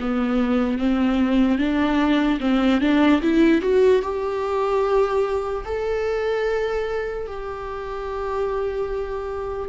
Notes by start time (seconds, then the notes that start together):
0.00 B3
0.78 C4
1.58 D4
2.40 C4
2.81 D4
3.22 E4
3.61 F#4
4.02 G4
5.65 A4
7.27 G4